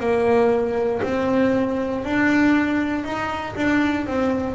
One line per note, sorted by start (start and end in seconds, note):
0.00 1.02 A#3
1.03 2.04 C4
2.04 3.04 D4
3.04 3.55 D#4
3.56 4.07 D4
4.07 4.54 C4